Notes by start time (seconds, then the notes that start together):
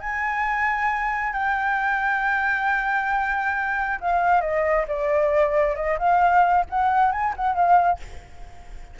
0.00 G#5
1.33 G5
4.01 F5
4.41 D#5
4.88 D5
5.76 D#5
5.99 F5
6.70 F#5
7.12 G#5
7.37 F#5
7.55 F5